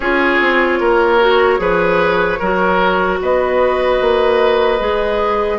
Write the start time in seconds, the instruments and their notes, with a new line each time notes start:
0.00 bassoon C#4, clarinet F4, oboe G#4, flute C#5
0.40 bassoon C4
0.80 bassoon A#3, oboe A#4
1.20 clarinet F#4
1.58 bassoon F3, clarinet G#4, oboe B4
2.39 bassoon F#3, clarinet F#4, oboe A#4
3.21 bassoon B3, oboe B4, flute D#5
4.00 bassoon A#3
4.79 bassoon G#3, clarinet G#4